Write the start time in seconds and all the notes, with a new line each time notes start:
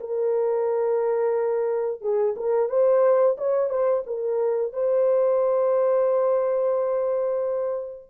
0.00 A#4
2.01 G#4
2.36 A#4
2.69 C5
3.38 C#5
3.70 C5
4.07 A#4
4.73 C5